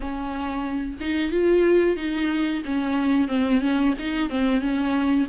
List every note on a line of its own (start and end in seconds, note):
0.00 0.97 C#4
1.00 1.31 D#4
1.31 1.96 F4
1.96 2.62 D#4
2.65 3.28 C#4
3.28 3.61 C4
3.61 3.94 C#4
3.99 4.29 D#4
4.29 4.60 C4
4.60 5.26 C#4